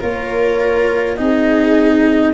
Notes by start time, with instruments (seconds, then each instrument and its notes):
0.00 tuba A#3, cello F4, viola A#4, flute C#5
1.16 tuba C4, cello D#4, viola G#4, flute D#5